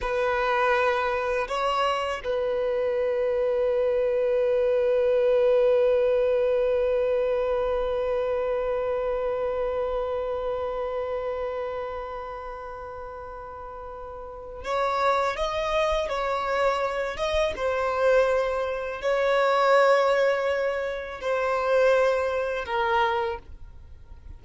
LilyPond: \new Staff \with { instrumentName = "violin" } { \time 4/4 \tempo 4 = 82 b'2 cis''4 b'4~ | b'1~ | b'1~ | b'1~ |
b'1 | cis''4 dis''4 cis''4. dis''8 | c''2 cis''2~ | cis''4 c''2 ais'4 | }